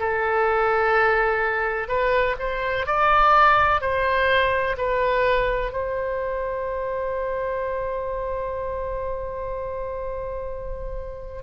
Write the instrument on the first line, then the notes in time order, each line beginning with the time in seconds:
oboe
0.00 A4
1.89 B4
2.39 C5
2.87 D5
3.81 C5
4.78 B4
5.72 C5